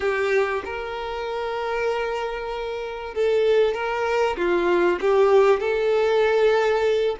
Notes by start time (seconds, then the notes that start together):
0.00 G4
0.64 A#4
3.14 A4
3.74 A#4
4.36 F4
5.01 G4
5.59 A4